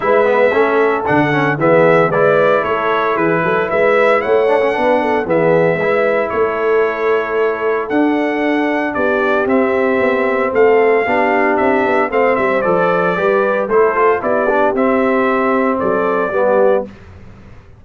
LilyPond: <<
  \new Staff \with { instrumentName = "trumpet" } { \time 4/4 \tempo 4 = 114 e''2 fis''4 e''4 | d''4 cis''4 b'4 e''4 | fis''2 e''2 | cis''2. fis''4~ |
fis''4 d''4 e''2 | f''2 e''4 f''8 e''8 | d''2 c''4 d''4 | e''2 d''2 | }
  \new Staff \with { instrumentName = "horn" } { \time 4/4 b'4 a'2 gis'4 | b'4 a'4 gis'8 a'8 b'4 | cis''4 b'8 a'8 gis'4 b'4 | a'1~ |
a'4 g'2. | a'4 g'2 c''4~ | c''4 b'4 a'4 g'4~ | g'2 a'4 g'4 | }
  \new Staff \with { instrumentName = "trombone" } { \time 4/4 e'8 b8 cis'4 d'8 cis'8 b4 | e'1~ | e'8 d'16 cis'16 d'4 b4 e'4~ | e'2. d'4~ |
d'2 c'2~ | c'4 d'2 c'4 | a'4 g'4 e'8 f'8 e'8 d'8 | c'2. b4 | }
  \new Staff \with { instrumentName = "tuba" } { \time 4/4 gis4 a4 d4 e4 | gis4 a4 e8 fis8 gis4 | a4 b4 e4 gis4 | a2. d'4~ |
d'4 b4 c'4 b4 | a4 b4 c'8 b8 a8 g8 | f4 g4 a4 b4 | c'2 fis4 g4 | }
>>